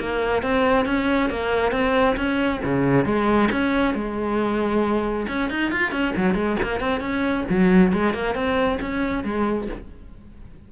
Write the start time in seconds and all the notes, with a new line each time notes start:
0.00 A#3
0.42 C4
0.86 C#4
1.30 A#3
1.72 C4
2.16 C#4
2.65 C#3
3.05 G#3
3.52 C#4
3.95 G#3
5.28 C#4
5.50 D#4
5.71 F4
5.92 C#4
6.16 F#3
6.34 G#3
6.63 A#3
6.80 C4
7.00 C#4
7.50 F#3
7.93 G#3
8.14 A#3
8.35 C4
8.81 C#4
9.24 G#3